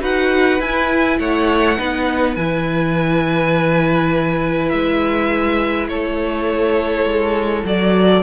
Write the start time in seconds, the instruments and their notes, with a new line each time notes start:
0.00 cello D#4, viola F#4, violin B4 F#5
0.60 cello E4, viola E4, violin G#5
1.19 cello A3, violin C#5 F#5
1.78 cello B3, viola D#4, violin B4
2.36 cello E3, viola E4, violin G#5
4.69 cello G#3, violin E5
5.88 cello A3, violin A4 C#5
7.05 cello G#3
7.65 cello F#3, viola F#4, violin D5